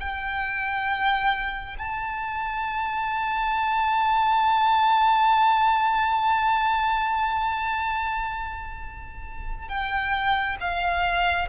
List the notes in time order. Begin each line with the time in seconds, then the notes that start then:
0.00 G5
1.78 A5
9.68 G5
10.60 F5